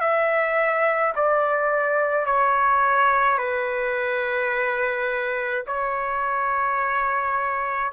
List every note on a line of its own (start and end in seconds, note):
0.00 1.13 E5
1.15 2.26 D5
2.26 3.38 C#5
3.38 5.64 B4
5.67 7.92 C#5